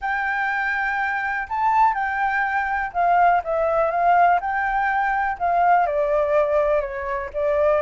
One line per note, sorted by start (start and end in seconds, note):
0.01 1.47 G5
1.49 1.94 A5
1.94 2.91 G5
2.93 3.42 F5
3.43 3.90 E5
3.90 4.39 F5
4.40 5.37 G5
5.38 5.86 F5
5.86 6.80 D5
6.80 7.29 C#5
7.33 7.81 D5